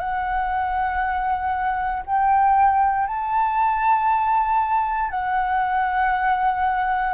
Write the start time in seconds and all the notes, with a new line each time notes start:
0.00 F#5
2.06 G5
3.07 A5
5.11 F#5